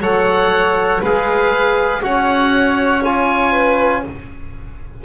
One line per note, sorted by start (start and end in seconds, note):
0.00 1.00 F#3
0.00 1.01 A4
0.00 1.01 C#5
0.00 1.02 F#5
1.01 2.02 G#3
1.01 2.02 G#4
1.01 2.01 B4
1.01 2.03 F5
2.02 4.03 C#4
2.02 3.02 F#4
2.02 3.51 C#5
2.02 3.03 F#5
3.04 4.04 F4
3.04 4.04 G#5
3.51 4.01 B4